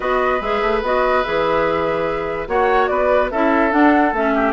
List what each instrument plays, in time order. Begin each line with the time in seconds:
0.00 bassoon B3, clarinet F#4, oboe B4, flute D#5
0.40 bassoon G#3, clarinet G#4, flute E5
0.62 bassoon A3
0.82 bassoon B3, clarinet F#4, flute D#5
1.23 bassoon E3, clarinet G#4, flute E5
2.47 bassoon A#3, clarinet F#4, oboe C#5, flute F#5
2.86 bassoon B3, oboe B4, flute D5
3.31 bassoon C#4, clarinet E4, oboe A4, flute E5
3.71 clarinet D4, bassoon D4, flute F#5
4.13 bassoon A3, clarinet C#4, flute E5
4.34 oboe G4